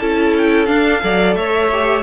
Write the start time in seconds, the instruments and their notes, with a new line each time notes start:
0.00 cello C#4, viola E4, violin A4 A5
0.38 violin G5
0.66 viola D4, cello D4, violin F5
1.01 cello F#3, viola A4, violin D5
1.35 cello A3, violin C#5 E5
1.72 viola G4